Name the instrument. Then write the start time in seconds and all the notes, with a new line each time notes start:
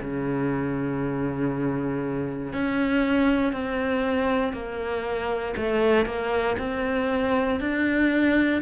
cello
0.00 C#3
2.52 C#4
3.52 C4
4.53 A#3
5.57 A3
6.05 A#3
6.58 C4
7.60 D4